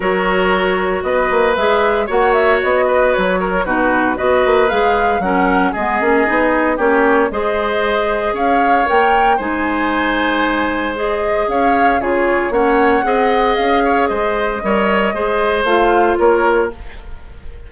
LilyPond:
<<
  \new Staff \with { instrumentName = "flute" } { \time 4/4 \tempo 4 = 115 cis''2 dis''4 e''4 | fis''8 e''8 dis''4 cis''4 b'4 | dis''4 f''4 fis''4 dis''4~ | dis''4 cis''4 dis''2 |
f''4 g''4 gis''2~ | gis''4 dis''4 f''4 cis''4 | fis''2 f''4 dis''4~ | dis''2 f''4 cis''4 | }
  \new Staff \with { instrumentName = "oboe" } { \time 4/4 ais'2 b'2 | cis''4. b'4 ais'8 fis'4 | b'2 ais'4 gis'4~ | gis'4 g'4 c''2 |
cis''2 c''2~ | c''2 cis''4 gis'4 | cis''4 dis''4. cis''8 c''4 | cis''4 c''2 ais'4 | }
  \new Staff \with { instrumentName = "clarinet" } { \time 4/4 fis'2. gis'4 | fis'2. dis'4 | fis'4 gis'4 cis'4 b8 cis'8 | dis'4 cis'4 gis'2~ |
gis'4 ais'4 dis'2~ | dis'4 gis'2 f'4 | cis'4 gis'2. | ais'4 gis'4 f'2 | }
  \new Staff \with { instrumentName = "bassoon" } { \time 4/4 fis2 b8 ais8 gis4 | ais4 b4 fis4 b,4 | b8 ais8 gis4 fis4 gis8 ais8 | b4 ais4 gis2 |
cis'4 ais4 gis2~ | gis2 cis'4 cis4 | ais4 c'4 cis'4 gis4 | g4 gis4 a4 ais4 | }
>>